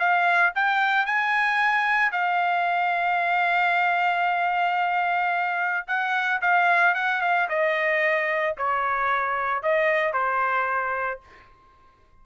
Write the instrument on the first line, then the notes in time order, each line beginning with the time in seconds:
trumpet
0.00 F5
0.55 G5
1.06 G#5
2.12 F5
5.88 F#5
6.42 F5
6.95 F#5
7.22 F5
7.49 D#5
8.58 C#5
9.63 D#5
10.13 C5